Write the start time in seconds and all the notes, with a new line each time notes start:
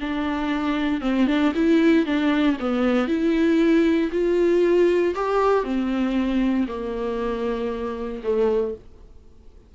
0.00 D4
1.01 C4
1.27 D4
1.55 E4
2.06 D4
2.60 B3
3.08 E4
4.12 F4
5.15 G4
5.64 C4
6.68 A#3
8.23 A3